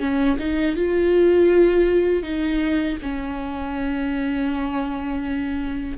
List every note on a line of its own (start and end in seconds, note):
0.00 0.38 C#4
0.39 0.76 D#4
0.76 2.23 F4
2.23 2.98 D#4
3.02 5.98 C#4